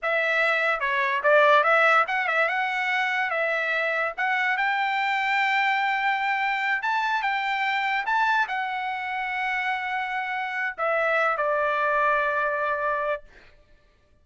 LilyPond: \new Staff \with { instrumentName = "trumpet" } { \time 4/4 \tempo 4 = 145 e''2 cis''4 d''4 | e''4 fis''8 e''8 fis''2 | e''2 fis''4 g''4~ | g''1~ |
g''8 a''4 g''2 a''8~ | a''8 fis''2.~ fis''8~ | fis''2 e''4. d''8~ | d''1 | }